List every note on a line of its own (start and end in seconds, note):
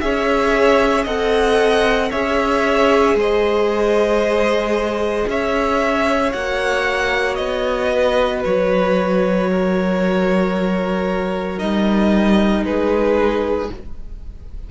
0.00 1.06 C#4
0.00 1.06 G#4
0.00 1.03 C#5
0.00 1.05 E5
1.03 2.11 C4
1.03 2.12 A4
1.03 2.09 D#5
1.03 2.11 F#5
2.11 3.14 C#4
2.11 6.33 G#4
2.11 3.16 C#5
2.11 3.17 E5
3.14 5.25 G#3
3.14 5.28 C5
3.14 5.30 D#5
5.27 6.32 C#4
5.27 7.93 C#5
5.27 6.33 E5
6.33 7.38 A#3
6.33 11.58 F#4
6.33 7.35 F#5
7.35 8.44 B3
7.35 8.40 D#5
7.93 9.50 B4
8.44 11.61 F#3
8.44 11.59 C#5
9.51 12.66 A#4
11.58 12.64 G3
11.58 13.68 D#4
11.58 12.64 D#5
12.64 13.69 G#3
12.64 13.71 G#4
12.64 13.70 B4